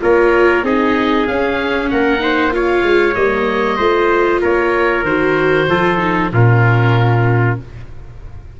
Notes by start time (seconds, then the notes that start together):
0.00 A#3 F4 A#4 C#5
0.62 C4 D#4 G#4 D#5
1.27 C#4 F5
1.89 A#3 A#4 F#5
2.19 D#4 C5
2.51 F4 C#5 F5
2.83 G#3
3.14 G3 A#3 D#5
3.76 A3 F4 C5
4.41 A#3 A#4 C#5
5.03 D#3 F#4 C5
5.69 F3 F4 A4
5.98 D#4
6.32 A#2 C#4 F4 A#4